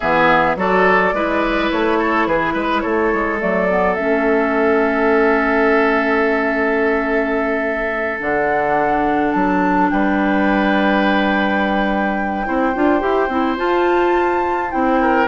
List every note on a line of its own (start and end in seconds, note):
0.00 0.56 E3
0.00 0.57 B3
0.00 0.56 G#4
0.00 0.56 E5
0.56 1.12 F#3
0.56 1.13 F#4
0.56 1.14 A4
0.56 1.71 D5
1.12 1.69 G#3
1.12 3.39 E4
1.12 1.98 B4
1.71 2.26 A3
1.71 2.27 C#5
1.98 2.27 A4
2.26 2.54 E3
2.26 2.53 G#4
2.26 2.80 B4
2.53 2.82 G#3
2.53 2.81 B4
2.80 3.13 A3
2.80 9.90 A4
2.80 3.37 C#5
3.13 3.41 G#3
3.39 3.97 F#3
3.39 3.67 A3
3.39 3.94 D5
3.70 3.96 B3
3.94 8.21 A3
3.94 8.19 C#4
3.94 8.19 E5
8.19 9.34 D3
8.19 12.44 D4
8.19 9.32 F#5
9.32 9.91 F#3
9.32 9.88 A5
9.90 12.47 G3
9.90 12.47 B4
9.90 13.57 G5
12.44 12.75 C4
12.44 12.73 E4
12.44 15.01 C5
12.74 13.02 D4
12.74 13.00 F4
13.00 13.28 E4
13.00 13.28 G4
13.28 13.56 C4
13.28 13.56 E4
13.56 14.70 F4
13.56 14.72 F4
13.56 14.71 A5
14.70 15.28 C4
14.70 15.26 E4
14.70 15.27 G5
15.01 15.28 A#4